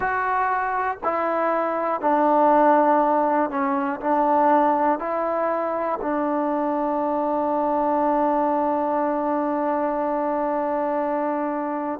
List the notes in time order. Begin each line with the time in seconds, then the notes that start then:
0.00 F#4
1.03 E4
2.00 D4
3.50 C#4
4.00 D4
4.99 E4
6.01 D4